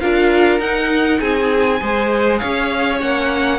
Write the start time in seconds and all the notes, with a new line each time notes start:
0.00 D4 F4 A#4 F5
0.59 D#4 F#5
1.20 C4 G#4 G#5
1.80 G#3 G#4 C5
2.38 C#4 C#5 F5
2.99 A#3 C#4 F#5